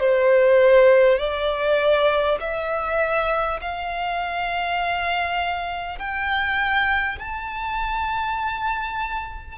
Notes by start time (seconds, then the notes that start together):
0.00 C5
1.18 D5
2.40 E5
3.61 F5
5.98 G5
7.19 A5